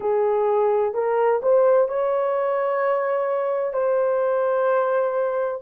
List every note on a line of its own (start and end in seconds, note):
0.00 0.94 G#4
0.94 1.41 A#4
1.42 1.88 C5
1.88 3.73 C#5
3.73 5.60 C5